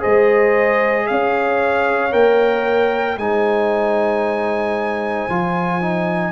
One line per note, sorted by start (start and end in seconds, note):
0.00 1.11 G#3
0.00 2.11 G#4
0.00 1.06 C5
0.00 1.07 D#5
1.07 2.13 C#4
1.07 3.20 C#5
1.07 2.12 F5
2.11 3.18 A#3
2.11 3.16 A#4
2.11 3.18 G5
3.18 5.28 G#3
3.18 5.30 D#4
3.18 6.32 C5
3.18 6.32 G#5
5.29 6.32 F3
5.29 5.82 F4
5.82 6.32 D#4